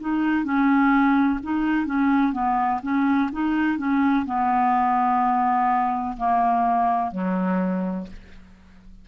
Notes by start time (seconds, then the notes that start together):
0.00 D#4
0.44 C#4
1.43 D#4
1.86 C#4
2.32 B3
2.83 C#4
3.32 D#4
3.77 C#4
4.26 B3
6.17 A#3
7.12 F#3